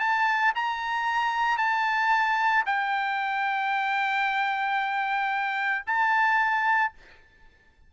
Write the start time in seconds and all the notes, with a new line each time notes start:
0.00 A5
0.55 A#5
1.58 A5
2.66 G5
5.87 A5